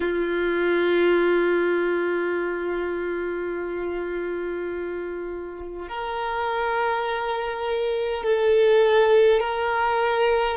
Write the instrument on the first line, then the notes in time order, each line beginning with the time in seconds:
violin
0.00 F4
5.88 A#4
8.23 A4
9.40 A#4